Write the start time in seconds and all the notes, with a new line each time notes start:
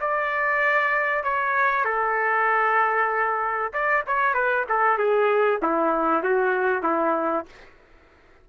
0.00 D5
1.23 C#5
1.84 A4
3.73 D5
4.06 C#5
4.34 B4
4.68 A4
4.98 G#4
5.62 E4
6.23 F#4
6.82 E4